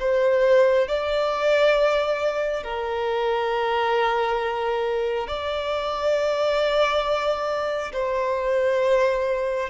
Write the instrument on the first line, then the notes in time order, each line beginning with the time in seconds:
violin
0.00 C5
0.87 D5
2.64 A#4
5.27 D5
7.93 C5